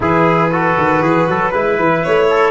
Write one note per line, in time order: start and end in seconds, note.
0.00 0.76 E3
0.00 0.50 E4
0.00 0.51 G#4
0.00 2.03 B4
0.51 1.53 F#4
0.51 1.02 A4
0.77 1.01 D#3
1.01 1.27 E3
1.01 1.27 G#4
1.27 1.53 F#3
1.27 1.51 A4
1.51 1.78 G#3
1.51 2.51 E4
1.51 2.27 B4
1.78 2.03 E3
2.03 2.51 A3
2.03 2.51 C#5
2.29 2.51 A4